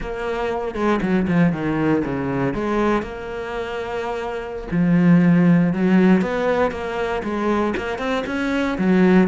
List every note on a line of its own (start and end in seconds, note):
0.00 0.74 A#3
0.74 1.00 G#3
1.01 1.27 F#3
1.27 1.52 F3
1.52 2.03 D#3
2.04 2.54 C#3
2.54 3.02 G#3
3.02 4.67 A#3
4.71 5.73 F3
5.73 6.21 F#3
6.21 6.71 B3
6.71 7.22 A#3
7.23 7.74 G#3
7.76 7.98 A#3
7.98 8.23 C4
8.26 8.77 C#4
8.78 9.28 F#3